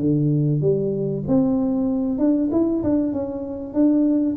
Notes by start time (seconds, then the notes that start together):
0.00 D3
0.61 G3
1.28 C4
2.19 D4
2.52 E4
2.84 D4
3.13 C#4
3.74 D4